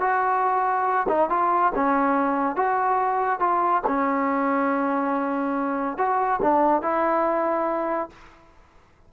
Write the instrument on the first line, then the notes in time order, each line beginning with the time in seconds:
trombone
0.00 F#4
1.08 D#4
1.29 F4
1.74 C#4
2.56 F#4
3.39 F4
3.86 C#4
5.97 F#4
6.42 D4
6.81 E4